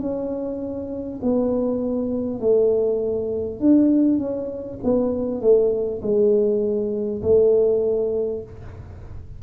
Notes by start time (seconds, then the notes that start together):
0.00 C#4
1.22 B3
2.40 A3
3.60 D4
4.18 C#4
4.84 B3
5.42 A3
6.02 G#3
7.23 A3